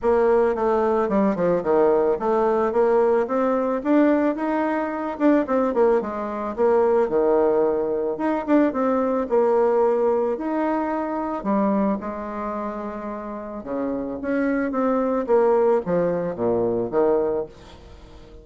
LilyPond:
\new Staff \with { instrumentName = "bassoon" } { \time 4/4 \tempo 4 = 110 ais4 a4 g8 f8 dis4 | a4 ais4 c'4 d'4 | dis'4. d'8 c'8 ais8 gis4 | ais4 dis2 dis'8 d'8 |
c'4 ais2 dis'4~ | dis'4 g4 gis2~ | gis4 cis4 cis'4 c'4 | ais4 f4 ais,4 dis4 | }